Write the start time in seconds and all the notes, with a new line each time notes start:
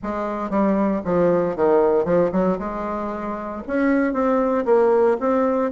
0.03 G#3
0.50 G3
1.04 F3
1.56 D#3
2.04 F3
2.32 F#3
2.59 G#3
3.67 C#4
4.13 C4
4.65 A#3
5.20 C4